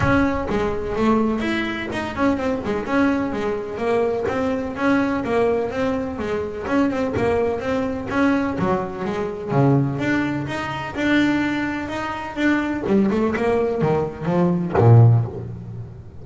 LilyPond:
\new Staff \with { instrumentName = "double bass" } { \time 4/4 \tempo 4 = 126 cis'4 gis4 a4 e'4 | dis'8 cis'8 c'8 gis8 cis'4 gis4 | ais4 c'4 cis'4 ais4 | c'4 gis4 cis'8 c'8 ais4 |
c'4 cis'4 fis4 gis4 | cis4 d'4 dis'4 d'4~ | d'4 dis'4 d'4 g8 a8 | ais4 dis4 f4 ais,4 | }